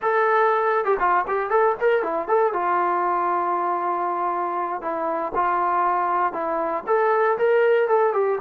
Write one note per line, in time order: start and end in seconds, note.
0.02 0.84 A4
0.84 0.97 G4
0.99 1.25 F4
1.27 1.50 G4
1.50 1.75 A4
1.80 2.02 A#4
2.02 2.27 E4
2.27 2.53 A4
2.53 4.81 F4
4.81 5.32 E4
5.34 6.32 F4
6.32 6.83 E4
6.86 7.37 A4
7.38 7.88 A#4
7.88 8.13 A4
8.13 8.38 G4